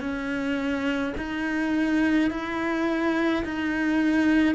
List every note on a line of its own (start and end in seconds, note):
0.00 1.13 C#4
1.17 2.30 D#4
2.30 3.43 E4
3.44 4.54 D#4